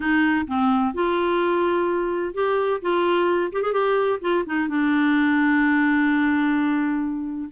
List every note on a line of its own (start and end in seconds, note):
0.00 0.46 D#4
0.47 0.94 C4
0.94 2.34 F4
2.34 2.80 G4
2.81 3.52 F4
3.52 3.62 G4
3.62 3.72 G#4
3.72 4.19 G4
4.21 4.44 F4
4.46 4.68 D#4
4.68 7.49 D4